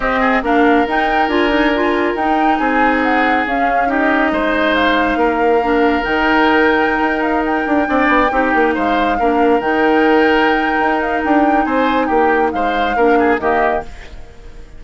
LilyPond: <<
  \new Staff \with { instrumentName = "flute" } { \time 4/4 \tempo 4 = 139 dis''4 f''4 g''4 gis''4~ | gis''4 g''4 gis''4 fis''4 | f''4 dis''2 f''4~ | f''2 g''2~ |
g''8. f''8 g''2~ g''8.~ | g''16 f''2 g''4.~ g''16~ | g''4. f''8 g''4 gis''4 | g''4 f''2 dis''4 | }
  \new Staff \with { instrumentName = "oboe" } { \time 4/4 g'8 gis'8 ais'2.~ | ais'2 gis'2~ | gis'4 g'4 c''2 | ais'1~ |
ais'2~ ais'16 d''4 g'8.~ | g'16 c''4 ais'2~ ais'8.~ | ais'2. c''4 | g'4 c''4 ais'8 gis'8 g'4 | }
  \new Staff \with { instrumentName = "clarinet" } { \time 4/4 c'4 d'4 dis'4 f'8 dis'8 | f'4 dis'2. | cis'4 dis'2.~ | dis'4 d'4 dis'2~ |
dis'2~ dis'16 d'4 dis'8.~ | dis'4~ dis'16 d'4 dis'4.~ dis'16~ | dis'1~ | dis'2 d'4 ais4 | }
  \new Staff \with { instrumentName = "bassoon" } { \time 4/4 c'4 ais4 dis'4 d'4~ | d'4 dis'4 c'2 | cis'2 gis2 | ais2 dis2~ |
dis16 dis'4. d'8 c'8 b8 c'8 ais16~ | ais16 gis4 ais4 dis4.~ dis16~ | dis4 dis'4 d'4 c'4 | ais4 gis4 ais4 dis4 | }
>>